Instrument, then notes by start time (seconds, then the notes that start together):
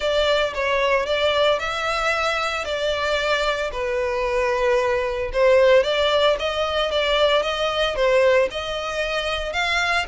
violin
0.00 D5
0.54 C#5
1.06 D5
1.59 E5
2.64 D5
3.72 B4
5.32 C5
5.83 D5
6.39 D#5
6.91 D5
7.42 D#5
7.95 C5
8.51 D#5
9.52 F5